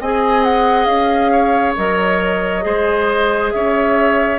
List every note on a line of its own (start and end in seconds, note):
0.00 0.86 C4
0.00 1.77 G#4
0.00 1.32 D#5
0.00 0.44 G#5
0.44 0.85 F#5
0.85 1.74 C#4
0.85 1.73 F5
1.32 2.64 C#5
1.77 2.65 F#3
1.77 2.61 A#4
1.77 3.51 D#5
2.61 3.53 G#3
2.61 4.38 G#4
2.61 3.53 C5
3.51 4.39 C#4
3.51 4.39 C#5
3.51 4.39 E5